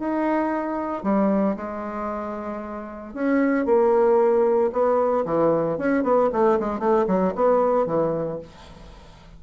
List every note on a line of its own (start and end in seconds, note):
0.00 1.04 D#4
1.04 1.56 G3
1.57 3.14 G#3
3.14 3.66 C#4
3.66 4.72 A#3
4.73 5.25 B3
5.26 5.78 E3
5.78 6.04 C#4
6.04 6.30 B3
6.33 6.59 A3
6.60 6.80 G#3
6.80 7.06 A3
7.08 7.34 F#3
7.36 7.87 B3
7.87 8.40 E3